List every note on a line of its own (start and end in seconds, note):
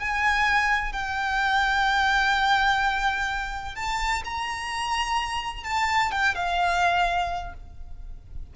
0.00 0.93 G#5
0.93 3.76 G5
3.76 4.23 A5
4.25 5.64 A#5
5.64 6.12 A5
6.12 6.36 G5
6.36 7.54 F5